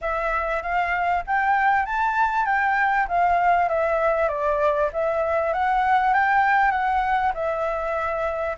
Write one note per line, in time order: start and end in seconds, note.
0.01 0.62 E5
0.62 1.23 F5
1.26 1.85 G5
1.85 2.45 A5
2.45 3.06 G5
3.08 3.68 F5
3.68 4.28 E5
4.28 4.90 D5
4.92 5.53 E5
5.53 6.13 F#5
6.13 6.71 G5
6.71 7.32 F#5
7.34 8.56 E5